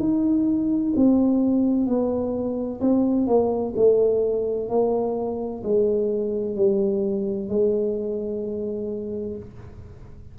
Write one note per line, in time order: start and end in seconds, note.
0.00 0.94 D#4
0.96 1.87 C4
1.87 2.81 B3
2.81 3.28 C4
3.28 3.75 A#3
3.77 4.69 A3
4.69 5.63 A#3
5.64 6.56 G#3
6.56 7.50 G3
7.50 9.37 G#3